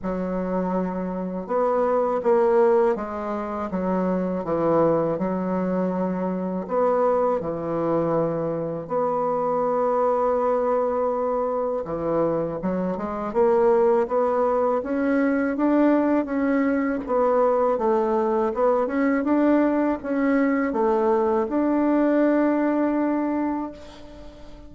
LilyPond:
\new Staff \with { instrumentName = "bassoon" } { \time 4/4 \tempo 4 = 81 fis2 b4 ais4 | gis4 fis4 e4 fis4~ | fis4 b4 e2 | b1 |
e4 fis8 gis8 ais4 b4 | cis'4 d'4 cis'4 b4 | a4 b8 cis'8 d'4 cis'4 | a4 d'2. | }